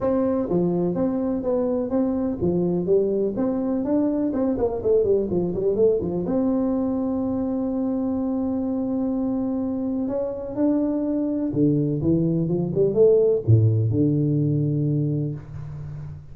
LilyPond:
\new Staff \with { instrumentName = "tuba" } { \time 4/4 \tempo 4 = 125 c'4 f4 c'4 b4 | c'4 f4 g4 c'4 | d'4 c'8 ais8 a8 g8 f8 g8 | a8 f8 c'2.~ |
c'1~ | c'4 cis'4 d'2 | d4 e4 f8 g8 a4 | a,4 d2. | }